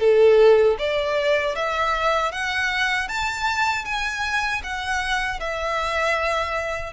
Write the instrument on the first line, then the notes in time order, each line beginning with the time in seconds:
violin
0.00 A4
0.79 D5
1.56 E5
2.32 F#5
3.09 A5
3.85 G#5
4.64 F#5
5.40 E5